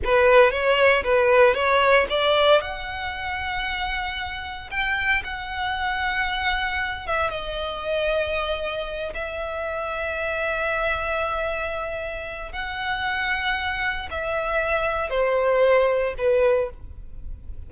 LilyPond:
\new Staff \with { instrumentName = "violin" } { \time 4/4 \tempo 4 = 115 b'4 cis''4 b'4 cis''4 | d''4 fis''2.~ | fis''4 g''4 fis''2~ | fis''4. e''8 dis''2~ |
dis''4. e''2~ e''8~ | e''1 | fis''2. e''4~ | e''4 c''2 b'4 | }